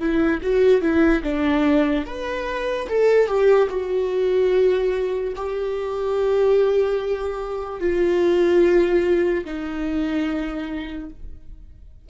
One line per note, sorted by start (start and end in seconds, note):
0.00 0.41 E4
0.42 0.81 F#4
0.81 1.23 E4
1.23 2.05 D4
2.06 2.88 B4
2.88 3.27 A4
3.27 3.68 G4
3.69 5.34 F#4
5.36 7.80 G4
7.80 9.44 F4
9.45 11.10 D#4